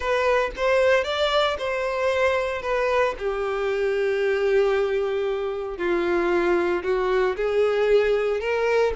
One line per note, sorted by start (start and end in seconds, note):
0.00 0.50 B4
0.56 1.04 C5
1.04 1.56 D5
1.58 2.62 C5
2.62 3.14 B4
3.18 5.77 G4
5.77 6.83 F4
6.83 7.35 F#4
7.36 8.40 G#4
8.40 8.93 A#4